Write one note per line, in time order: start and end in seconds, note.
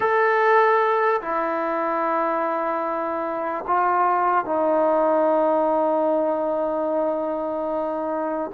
0.00 1.21 A4
1.21 3.64 E4
3.67 4.45 F4
4.45 8.50 D#4